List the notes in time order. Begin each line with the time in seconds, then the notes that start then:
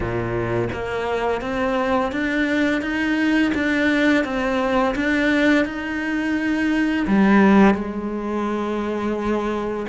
0.00 A#2
0.73 A#3
1.41 C4
2.12 D4
2.81 D#4
3.54 D4
4.24 C4
4.95 D4
5.65 D#4
7.07 G3
7.74 G#3